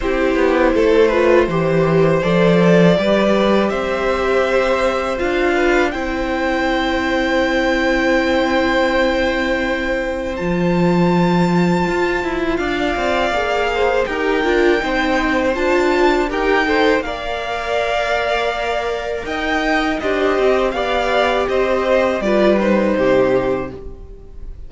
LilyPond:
<<
  \new Staff \with { instrumentName = "violin" } { \time 4/4 \tempo 4 = 81 c''2. d''4~ | d''4 e''2 f''4 | g''1~ | g''2 a''2~ |
a''4 f''2 g''4~ | g''4 a''4 g''4 f''4~ | f''2 g''4 dis''4 | f''4 dis''4 d''8 c''4. | }
  \new Staff \with { instrumentName = "violin" } { \time 4/4 g'4 a'8 b'8 c''2 | b'4 c''2~ c''8 b'8 | c''1~ | c''1~ |
c''4 d''4. c''8 ais'4 | c''2 ais'8 c''8 d''4~ | d''2 dis''4 g'4 | d''4 c''4 b'4 g'4 | }
  \new Staff \with { instrumentName = "viola" } { \time 4/4 e'4. f'8 g'4 a'4 | g'2. f'4 | e'1~ | e'2 f'2~ |
f'2 gis'4 g'8 f'8 | dis'4 f'4 g'8 a'8 ais'4~ | ais'2. c''4 | g'2 f'8 dis'4. | }
  \new Staff \with { instrumentName = "cello" } { \time 4/4 c'8 b8 a4 e4 f4 | g4 c'2 d'4 | c'1~ | c'2 f2 |
f'8 e'8 d'8 c'8 ais4 dis'8 d'8 | c'4 d'4 dis'4 ais4~ | ais2 dis'4 d'8 c'8 | b4 c'4 g4 c4 | }
>>